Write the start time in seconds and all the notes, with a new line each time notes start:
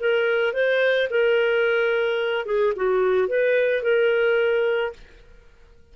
0.00 A#4
0.54 C5
1.11 A#4
2.46 G#4
2.77 F#4
3.29 B4
3.83 A#4